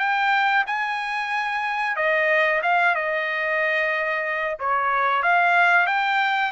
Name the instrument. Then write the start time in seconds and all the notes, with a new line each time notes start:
trumpet
0.00 G5
0.67 G#5
1.97 D#5
2.63 F5
2.95 D#5
4.60 C#5
5.23 F5
5.87 G5